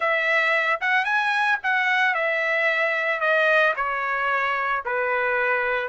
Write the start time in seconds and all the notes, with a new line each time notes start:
0.00 E5
0.80 F#5
1.04 G#5
1.63 F#5
2.14 E5
3.20 D#5
3.75 C#5
4.85 B4